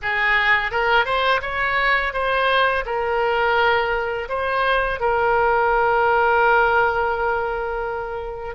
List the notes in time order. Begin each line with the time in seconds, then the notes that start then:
0.02 G#4
0.71 A#4
1.05 C5
1.41 C#5
2.13 C5
2.85 A#4
4.29 C5
5.00 A#4